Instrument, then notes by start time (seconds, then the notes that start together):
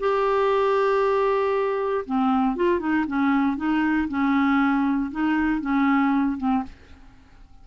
clarinet
0.00 G4
2.06 C4
2.56 F4
2.80 D#4
3.08 C#4
3.57 D#4
4.09 C#4
5.12 D#4
5.61 C#4
6.38 C4